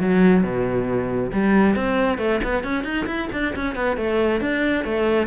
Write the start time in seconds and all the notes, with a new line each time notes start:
0.00 F#3
0.43 B2
1.32 G3
1.76 C4
2.18 A3
2.44 B3
2.64 C#4
2.84 D#4
3.06 E4
3.32 D4
3.56 C#4
3.75 B3
3.97 A3
4.41 D4
4.84 A3